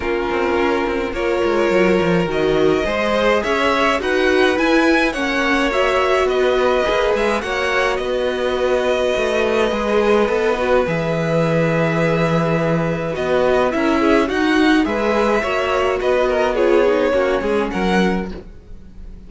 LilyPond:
<<
  \new Staff \with { instrumentName = "violin" } { \time 4/4 \tempo 4 = 105 ais'2 cis''2 | dis''2 e''4 fis''4 | gis''4 fis''4 e''4 dis''4~ | dis''8 e''8 fis''4 dis''2~ |
dis''2. e''4~ | e''2. dis''4 | e''4 fis''4 e''2 | dis''4 cis''2 fis''4 | }
  \new Staff \with { instrumentName = "violin" } { \time 4/4 f'2 ais'2~ | ais'4 c''4 cis''4 b'4~ | b'4 cis''2 b'4~ | b'4 cis''4 b'2~ |
b'1~ | b'1 | ais'8 gis'8 fis'4 b'4 cis''4 | b'8 ais'8 gis'4 fis'8 gis'8 ais'4 | }
  \new Staff \with { instrumentName = "viola" } { \time 4/4 cis'2 f'2 | fis'4 gis'2 fis'4 | e'4 cis'4 fis'2 | gis'4 fis'2.~ |
fis'4 gis'4 a'8 fis'8 gis'4~ | gis'2. fis'4 | e'4 dis'4 gis'4 fis'4~ | fis'4 f'8 dis'8 cis'2 | }
  \new Staff \with { instrumentName = "cello" } { \time 4/4 ais8 c'8 cis'8 c'8 ais8 gis8 fis8 f8 | dis4 gis4 cis'4 dis'4 | e'4 ais2 b4 | ais8 gis8 ais4 b2 |
a4 gis4 b4 e4~ | e2. b4 | cis'4 dis'4 gis4 ais4 | b2 ais8 gis8 fis4 | }
>>